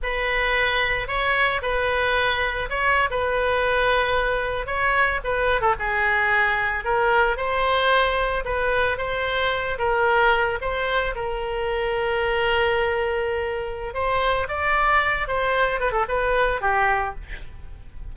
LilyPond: \new Staff \with { instrumentName = "oboe" } { \time 4/4 \tempo 4 = 112 b'2 cis''4 b'4~ | b'4 cis''8. b'2~ b'16~ | b'8. cis''4 b'8. a'16 gis'4~ gis'16~ | gis'8. ais'4 c''2 b'16~ |
b'8. c''4. ais'4. c''16~ | c''8. ais'2.~ ais'16~ | ais'2 c''4 d''4~ | d''8 c''4 b'16 a'16 b'4 g'4 | }